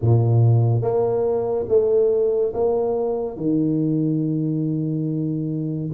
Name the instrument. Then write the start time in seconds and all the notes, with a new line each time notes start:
tuba
0.01 A#2
0.81 A#3
1.68 A3
2.54 A#3
3.36 D#3